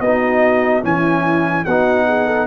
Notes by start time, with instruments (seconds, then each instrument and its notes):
0.00 tuba B3, trombone D#4, horn F#4, trumpet D#5
0.82 tuba E3, trombone C#4, horn E4, trumpet G#5
1.65 tuba B3, trombone D#4, horn F#4, trumpet F#5
2.07 horn G#4
2.26 horn A4